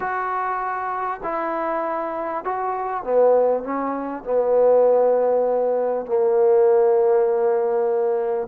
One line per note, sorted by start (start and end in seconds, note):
0.00 1.20 F#4
1.23 2.44 E4
2.44 3.03 F#4
3.03 3.63 B3
3.63 4.24 C#4
4.24 6.06 B3
6.06 8.47 A#3